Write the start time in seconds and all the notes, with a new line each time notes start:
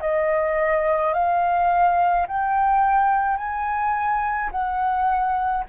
0.00 D#5
1.13 F5
2.27 G5
3.37 G#5
4.51 F#5